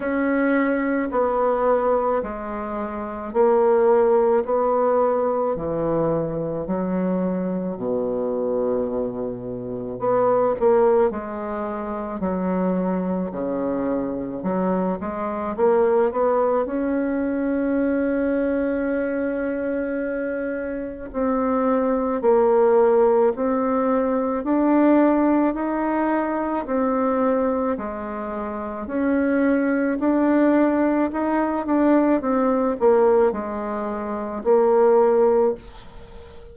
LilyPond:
\new Staff \with { instrumentName = "bassoon" } { \time 4/4 \tempo 4 = 54 cis'4 b4 gis4 ais4 | b4 e4 fis4 b,4~ | b,4 b8 ais8 gis4 fis4 | cis4 fis8 gis8 ais8 b8 cis'4~ |
cis'2. c'4 | ais4 c'4 d'4 dis'4 | c'4 gis4 cis'4 d'4 | dis'8 d'8 c'8 ais8 gis4 ais4 | }